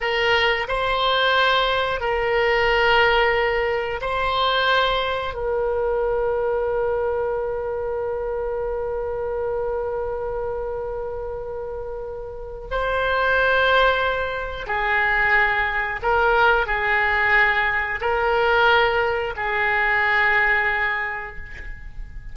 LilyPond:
\new Staff \with { instrumentName = "oboe" } { \time 4/4 \tempo 4 = 90 ais'4 c''2 ais'4~ | ais'2 c''2 | ais'1~ | ais'1~ |
ais'2. c''4~ | c''2 gis'2 | ais'4 gis'2 ais'4~ | ais'4 gis'2. | }